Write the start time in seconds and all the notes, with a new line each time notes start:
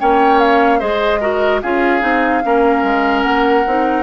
0.00 A#3 C#4 C#5 G5
0.39 F5
0.79 G#3 G#4 C5 D#5
1.21 F#4 A#4
1.62 C#4 F4 G#4 F5
2.01 C4 D#4
2.44 A#3 C#4 A#4
2.83 G#3
3.22 A#3 F#5
3.67 C4 D#4